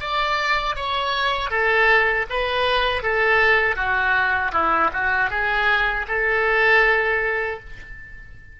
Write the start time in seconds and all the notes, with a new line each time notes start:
0.00 D5
0.75 C#5
1.50 A4
2.29 B4
3.02 A4
3.76 F#4
4.52 E4
4.93 F#4
5.30 G#4
6.08 A4